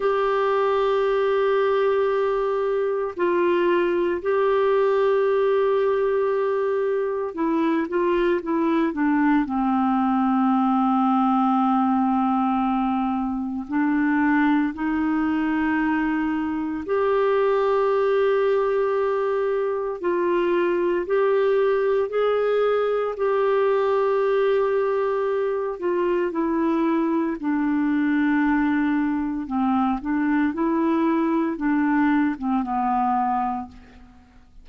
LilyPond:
\new Staff \with { instrumentName = "clarinet" } { \time 4/4 \tempo 4 = 57 g'2. f'4 | g'2. e'8 f'8 | e'8 d'8 c'2.~ | c'4 d'4 dis'2 |
g'2. f'4 | g'4 gis'4 g'2~ | g'8 f'8 e'4 d'2 | c'8 d'8 e'4 d'8. c'16 b4 | }